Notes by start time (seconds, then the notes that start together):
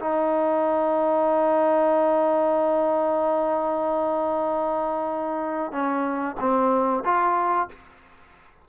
0.00 D#4
5.72 C#4
6.40 C4
7.05 F4